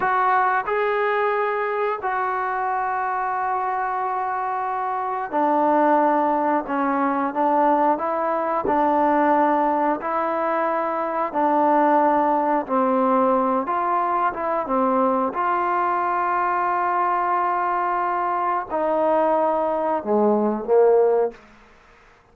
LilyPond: \new Staff \with { instrumentName = "trombone" } { \time 4/4 \tempo 4 = 90 fis'4 gis'2 fis'4~ | fis'1 | d'2 cis'4 d'4 | e'4 d'2 e'4~ |
e'4 d'2 c'4~ | c'8 f'4 e'8 c'4 f'4~ | f'1 | dis'2 gis4 ais4 | }